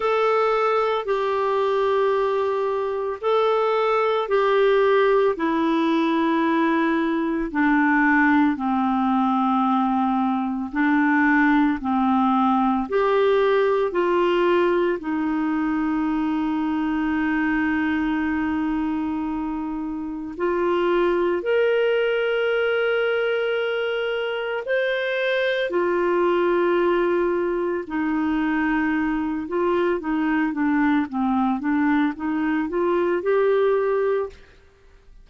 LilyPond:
\new Staff \with { instrumentName = "clarinet" } { \time 4/4 \tempo 4 = 56 a'4 g'2 a'4 | g'4 e'2 d'4 | c'2 d'4 c'4 | g'4 f'4 dis'2~ |
dis'2. f'4 | ais'2. c''4 | f'2 dis'4. f'8 | dis'8 d'8 c'8 d'8 dis'8 f'8 g'4 | }